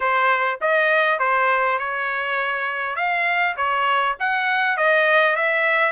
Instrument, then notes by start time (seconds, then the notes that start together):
trumpet
0.00 C5
0.61 D#5
1.19 C5
1.78 C#5
2.96 F5
3.56 C#5
4.19 F#5
4.77 D#5
5.36 E5